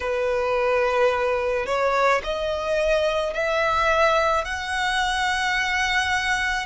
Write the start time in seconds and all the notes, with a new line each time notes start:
0.00 B4
1.66 C#5
2.23 D#5
3.33 E5
4.44 F#5